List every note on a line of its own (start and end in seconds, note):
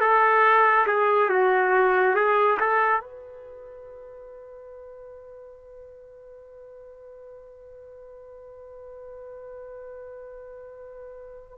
0.00 0.86 A4
0.86 1.29 G#4
1.29 2.15 F#4
2.15 2.58 G#4
2.60 3.00 A4
3.00 11.58 B4